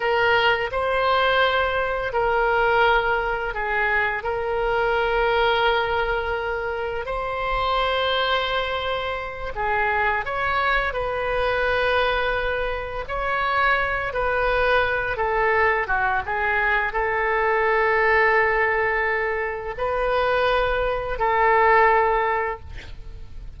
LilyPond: \new Staff \with { instrumentName = "oboe" } { \time 4/4 \tempo 4 = 85 ais'4 c''2 ais'4~ | ais'4 gis'4 ais'2~ | ais'2 c''2~ | c''4. gis'4 cis''4 b'8~ |
b'2~ b'8 cis''4. | b'4. a'4 fis'8 gis'4 | a'1 | b'2 a'2 | }